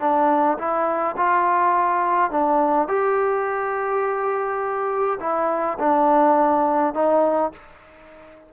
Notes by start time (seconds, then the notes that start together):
0.00 D4
0.58 E4
1.17 F4
2.31 D4
2.88 G4
5.20 E4
5.79 D4
6.94 D#4